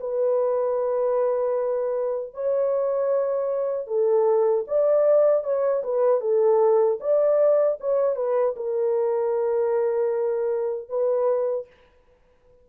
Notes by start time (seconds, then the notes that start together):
0.00 B4
2.34 C#5
3.87 A4
4.67 D5
5.43 C#5
5.83 B4
6.21 A4
7.00 D5
7.80 C#5
8.16 B4
8.56 A#4
10.89 B4